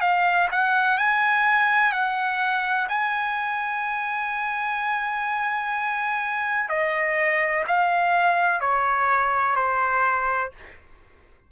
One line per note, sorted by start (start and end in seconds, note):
0.00 0.48 F5
0.51 0.97 F#5
0.97 1.92 G#5
1.92 2.87 F#5
2.88 6.68 G#5
6.68 7.64 D#5
7.67 8.60 F5
8.60 9.55 C#5
9.55 10.51 C5